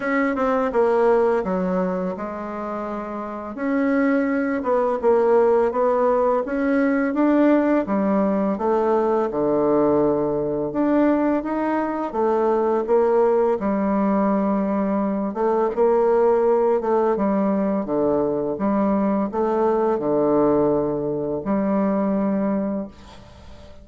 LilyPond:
\new Staff \with { instrumentName = "bassoon" } { \time 4/4 \tempo 4 = 84 cis'8 c'8 ais4 fis4 gis4~ | gis4 cis'4. b8 ais4 | b4 cis'4 d'4 g4 | a4 d2 d'4 |
dis'4 a4 ais4 g4~ | g4. a8 ais4. a8 | g4 d4 g4 a4 | d2 g2 | }